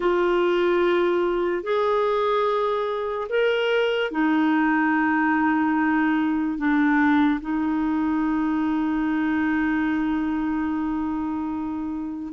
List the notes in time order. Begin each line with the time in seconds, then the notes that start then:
0.00 F4
1.63 G#4
3.29 A#4
4.11 D#4
6.58 D4
7.40 D#4